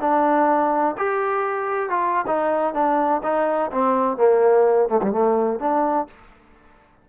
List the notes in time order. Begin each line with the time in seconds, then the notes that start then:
0.00 D4
0.97 G4
1.89 F4
2.27 D#4
2.74 D4
3.23 D#4
3.71 C4
4.17 A#3
4.89 A3
5.02 G3
5.12 A3
5.60 D4